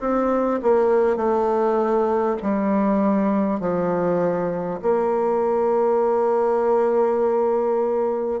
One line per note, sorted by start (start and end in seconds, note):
0.00 0.60 C4
0.62 1.16 A#3
1.16 2.36 A3
2.42 3.59 G3
3.59 4.79 F3
4.82 8.40 A#3